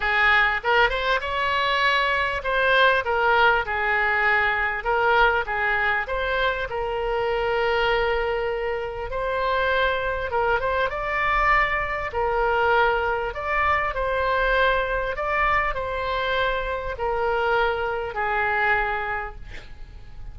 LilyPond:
\new Staff \with { instrumentName = "oboe" } { \time 4/4 \tempo 4 = 99 gis'4 ais'8 c''8 cis''2 | c''4 ais'4 gis'2 | ais'4 gis'4 c''4 ais'4~ | ais'2. c''4~ |
c''4 ais'8 c''8 d''2 | ais'2 d''4 c''4~ | c''4 d''4 c''2 | ais'2 gis'2 | }